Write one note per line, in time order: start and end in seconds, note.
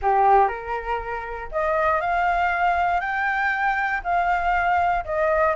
0.02 0.48 G4
0.48 1.49 A#4
1.51 2.01 D#5
2.01 3.00 F5
3.00 4.01 G5
4.03 5.04 F5
5.04 5.55 D#5